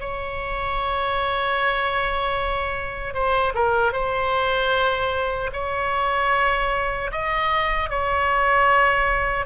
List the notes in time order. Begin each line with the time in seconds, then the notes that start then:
0.00 C#5
3.14 C5
3.55 A#4
3.92 C5
5.53 C#5
7.12 D#5
7.89 C#5